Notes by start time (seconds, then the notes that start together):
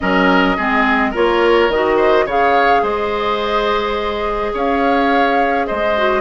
0.00 F#3 C#4 A#4 D#5
0.56 G#3 C4 G#4
1.10 A#3 F4 A#4 C#5
1.69 D#3 F#4 D#5
1.97 C5
2.25 C#3 G#4 C#5 F5
2.82 G#3 C5 D#5
4.53 C#4 C#5 F5
5.66 G#3 C5 D#5
5.96 F#4